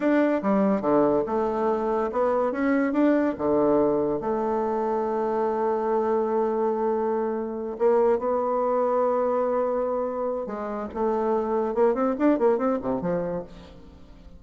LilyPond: \new Staff \with { instrumentName = "bassoon" } { \time 4/4 \tempo 4 = 143 d'4 g4 d4 a4~ | a4 b4 cis'4 d'4 | d2 a2~ | a1~ |
a2~ a8 ais4 b8~ | b1~ | b4 gis4 a2 | ais8 c'8 d'8 ais8 c'8 c8 f4 | }